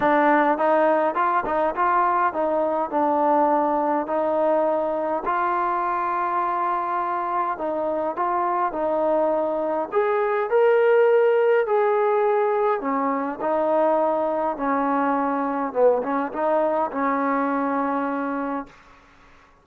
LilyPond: \new Staff \with { instrumentName = "trombone" } { \time 4/4 \tempo 4 = 103 d'4 dis'4 f'8 dis'8 f'4 | dis'4 d'2 dis'4~ | dis'4 f'2.~ | f'4 dis'4 f'4 dis'4~ |
dis'4 gis'4 ais'2 | gis'2 cis'4 dis'4~ | dis'4 cis'2 b8 cis'8 | dis'4 cis'2. | }